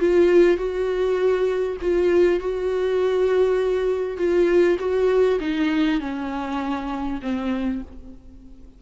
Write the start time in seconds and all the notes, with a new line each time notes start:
0.00 F4
0.57 F#4
1.82 F4
2.40 F#4
4.18 F4
4.79 F#4
5.41 D#4
6.01 C#4
7.22 C4